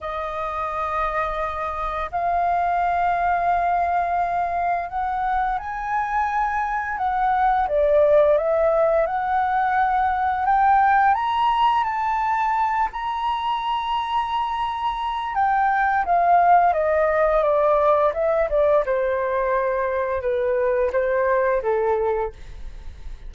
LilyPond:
\new Staff \with { instrumentName = "flute" } { \time 4/4 \tempo 4 = 86 dis''2. f''4~ | f''2. fis''4 | gis''2 fis''4 d''4 | e''4 fis''2 g''4 |
ais''4 a''4. ais''4.~ | ais''2 g''4 f''4 | dis''4 d''4 e''8 d''8 c''4~ | c''4 b'4 c''4 a'4 | }